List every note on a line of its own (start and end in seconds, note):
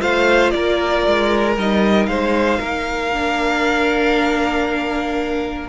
0.00 0.54 A3
0.00 1.55 F4
0.00 0.54 C5
0.00 0.51 F5
0.51 1.06 A#3
0.51 2.10 A#4
0.51 1.54 D5
1.07 1.58 G#3
1.58 2.08 G3
1.58 3.13 D#4
1.58 2.06 D#5
2.06 2.59 G#3
2.06 2.60 C5
2.06 5.69 F5
2.60 5.69 A#3
2.60 5.69 A#4
3.13 5.69 D4